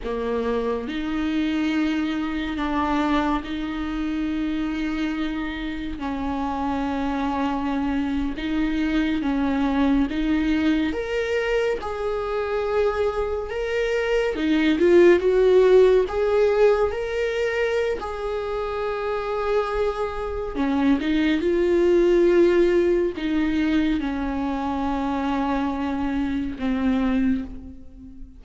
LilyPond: \new Staff \with { instrumentName = "viola" } { \time 4/4 \tempo 4 = 70 ais4 dis'2 d'4 | dis'2. cis'4~ | cis'4.~ cis'16 dis'4 cis'4 dis'16~ | dis'8. ais'4 gis'2 ais'16~ |
ais'8. dis'8 f'8 fis'4 gis'4 ais'16~ | ais'4 gis'2. | cis'8 dis'8 f'2 dis'4 | cis'2. c'4 | }